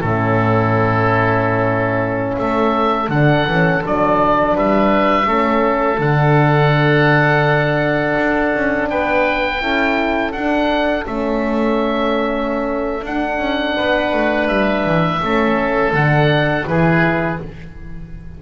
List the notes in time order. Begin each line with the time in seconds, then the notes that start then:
0.00 A2 C#4 E4 A4
2.38 A3 A4 E5
3.08 D3 D4 F#5
3.47 E3 C#4
3.81 F#3 D4 D5
4.55 G3 B4 E5
5.25 A3 C#4 A4
5.98 D3 D4 F#5
8.17 D4
8.55 C#4
8.89 B3 B4 G5
9.60 C#4 E4 A4
10.32 D4 F#5
11.04 A3 C#4 E5
13.01 D4 F#5
13.38 C#4
13.76 B3 B4
14.13 A3
14.48 G3 E5
14.85 E3
15.21 A3 C#4 A4
15.92 D3 D4 F#5
16.66 E3 E4 G#4 B4